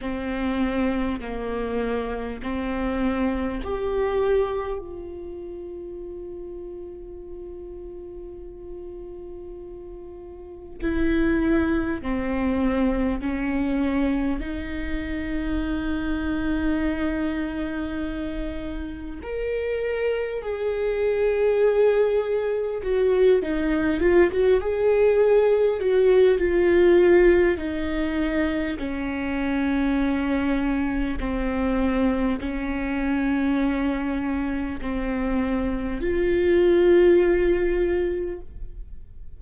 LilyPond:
\new Staff \with { instrumentName = "viola" } { \time 4/4 \tempo 4 = 50 c'4 ais4 c'4 g'4 | f'1~ | f'4 e'4 c'4 cis'4 | dis'1 |
ais'4 gis'2 fis'8 dis'8 | f'16 fis'16 gis'4 fis'8 f'4 dis'4 | cis'2 c'4 cis'4~ | cis'4 c'4 f'2 | }